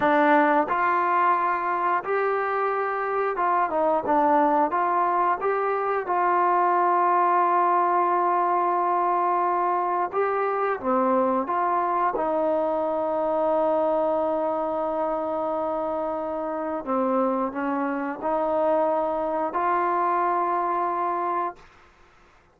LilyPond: \new Staff \with { instrumentName = "trombone" } { \time 4/4 \tempo 4 = 89 d'4 f'2 g'4~ | g'4 f'8 dis'8 d'4 f'4 | g'4 f'2.~ | f'2. g'4 |
c'4 f'4 dis'2~ | dis'1~ | dis'4 c'4 cis'4 dis'4~ | dis'4 f'2. | }